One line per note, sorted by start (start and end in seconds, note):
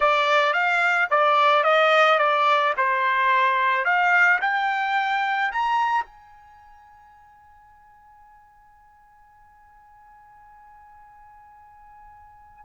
0.00 0.53 D5
0.53 1.08 F5
1.10 1.63 D5
1.63 2.18 D#5
2.18 2.73 D5
2.77 3.84 C5
3.84 4.39 F5
4.41 5.51 G5
5.51 6.04 A#5
6.04 12.65 G#5